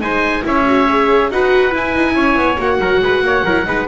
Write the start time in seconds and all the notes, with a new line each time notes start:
0.00 G#3 D#4 C5 G#5
0.42 C#4 E4 C#5 E5
0.65 F#4
0.89 G#4
1.30 D#4 F#4 B4 F#5
1.71 E4 G#5
1.95 D#4
2.14 C#4 C#5
2.35 B3
2.57 A#3 F#4 F#5
2.79 F#3 A#4
3.01 G#3 B4
3.21 A#3 C#5
3.44 F#3 E4 A#4
3.65 G#3 D#4 B4